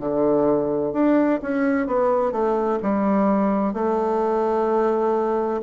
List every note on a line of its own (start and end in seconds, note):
0.00 0.93 D3
0.93 1.40 D4
1.42 1.87 C#4
1.87 2.33 B3
2.33 2.80 A3
2.83 3.74 G3
3.74 5.61 A3